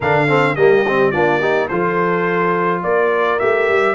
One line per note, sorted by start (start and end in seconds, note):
0.00 0.56 D3
0.00 0.28 D4
0.00 0.27 A#4
0.00 0.55 F5
0.28 0.56 C4
0.28 0.56 A4
0.55 1.13 G3
0.55 0.85 A#3
0.55 1.12 G4
0.55 1.11 D#5
0.87 1.13 C4
1.11 1.69 A#3
1.11 1.41 D4
1.11 1.39 F4
1.11 1.67 D5
1.39 1.69 D#4
1.39 1.67 G4
1.68 2.83 F3
1.68 3.40 F4
1.68 2.83 A4
1.68 2.81 C5
2.83 3.40 A#3
2.83 3.95 A#4
2.83 3.39 D5
3.39 3.69 A3
3.39 3.95 G4
3.39 3.95 E5
3.69 3.95 G3